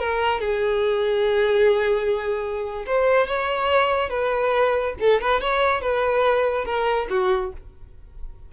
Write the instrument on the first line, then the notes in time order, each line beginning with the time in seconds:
violin
0.00 A#4
0.41 G#4
2.87 C5
3.28 C#5
4.10 B4
5.00 A4
5.21 B4
5.41 C#5
5.82 B4
6.65 A#4
7.10 F#4